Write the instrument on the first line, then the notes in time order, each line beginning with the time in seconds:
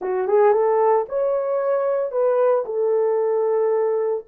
horn
0.01 F#4
0.27 G#4
0.53 A4
1.08 C#5
2.11 B4
2.65 A4